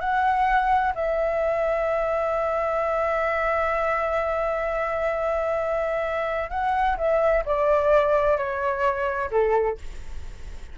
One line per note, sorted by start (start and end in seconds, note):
0.00 0.93 F#5
0.95 6.50 E5
6.50 6.97 F#5
6.97 7.44 E5
7.45 8.37 D5
8.37 9.30 C#5
9.31 9.78 A4